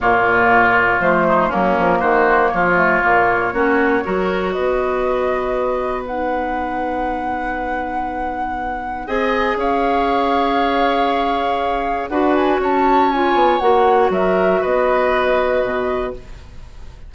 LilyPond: <<
  \new Staff \with { instrumentName = "flute" } { \time 4/4 \tempo 4 = 119 cis''2 c''4 ais'4 | c''4 cis''2.~ | cis''4 dis''2. | fis''1~ |
fis''2 gis''4 f''4~ | f''1 | fis''8 gis''8 a''4 gis''4 fis''4 | e''4 dis''2. | }
  \new Staff \with { instrumentName = "oboe" } { \time 4/4 f'2~ f'8 dis'8 cis'4 | fis'4 f'2 fis'4 | ais'4 b'2.~ | b'1~ |
b'2 dis''4 cis''4~ | cis''1 | b'4 cis''2. | ais'4 b'2. | }
  \new Staff \with { instrumentName = "clarinet" } { \time 4/4 ais2 a4 ais4~ | ais4. a8 ais4 cis'4 | fis'1 | dis'1~ |
dis'2 gis'2~ | gis'1 | fis'2 f'4 fis'4~ | fis'1 | }
  \new Staff \with { instrumentName = "bassoon" } { \time 4/4 ais,2 f4 fis8 f8 | dis4 f4 ais,4 ais4 | fis4 b2.~ | b1~ |
b2 c'4 cis'4~ | cis'1 | d'4 cis'4. b8 ais4 | fis4 b2 b,4 | }
>>